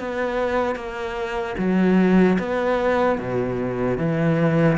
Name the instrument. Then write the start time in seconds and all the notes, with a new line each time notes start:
cello
0.00 B3
0.76 A#3
1.59 F#3
2.39 B3
3.19 B2
3.98 E3